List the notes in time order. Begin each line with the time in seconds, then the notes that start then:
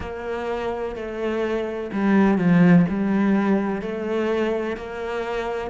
0.00 A#3
0.95 A3
1.92 G3
2.38 F3
2.89 G3
3.81 A3
4.76 A#3